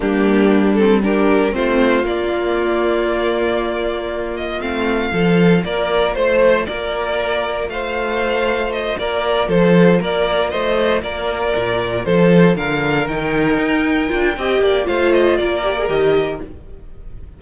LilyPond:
<<
  \new Staff \with { instrumentName = "violin" } { \time 4/4 \tempo 4 = 117 g'4. a'8 ais'4 c''4 | d''1~ | d''8 dis''8 f''2 d''4 | c''4 d''2 f''4~ |
f''4 dis''8 d''4 c''4 d''8~ | d''8 dis''4 d''2 c''8~ | c''8 f''4 g''2~ g''8~ | g''4 f''8 dis''8 d''4 dis''4 | }
  \new Staff \with { instrumentName = "violin" } { \time 4/4 d'2 g'4 f'4~ | f'1~ | f'2 a'4 ais'4 | c''4 ais'2 c''4~ |
c''4. ais'4 a'4 ais'8~ | ais'8 c''4 ais'2 a'8~ | a'8 ais'2.~ ais'8 | dis''8 d''8 c''4 ais'2 | }
  \new Staff \with { instrumentName = "viola" } { \time 4/4 ais4. c'8 d'4 c'4 | ais1~ | ais4 c'4 f'2~ | f'1~ |
f'1~ | f'1~ | f'4. dis'2 f'8 | g'4 f'4. g'16 gis'16 g'4 | }
  \new Staff \with { instrumentName = "cello" } { \time 4/4 g2. a4 | ais1~ | ais4 a4 f4 ais4 | a4 ais2 a4~ |
a4. ais4 f4 ais8~ | ais8 a4 ais4 ais,4 f8~ | f8 d4 dis4 dis'4 d'8 | c'8 ais8 a4 ais4 dis4 | }
>>